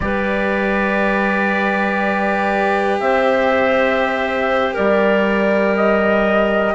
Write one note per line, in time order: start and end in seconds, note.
0.00 3.00 G3
0.00 6.74 G4
0.00 3.01 B4
0.00 2.98 D5
3.00 4.75 C4
3.00 4.74 C5
3.00 4.75 E5
4.74 6.74 G3
4.74 6.74 A#4
4.74 5.76 D5
5.76 6.74 D#5